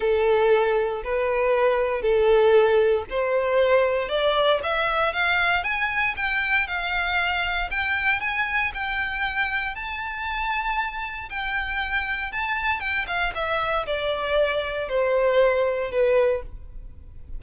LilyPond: \new Staff \with { instrumentName = "violin" } { \time 4/4 \tempo 4 = 117 a'2 b'2 | a'2 c''2 | d''4 e''4 f''4 gis''4 | g''4 f''2 g''4 |
gis''4 g''2 a''4~ | a''2 g''2 | a''4 g''8 f''8 e''4 d''4~ | d''4 c''2 b'4 | }